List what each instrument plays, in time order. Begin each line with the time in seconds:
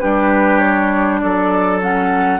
0.00 bassoon G3, clarinet D4, oboe G4, flute B4
0.58 flute C#5
1.19 bassoon F#3, oboe A4, flute D5
1.81 clarinet C#4, flute F#5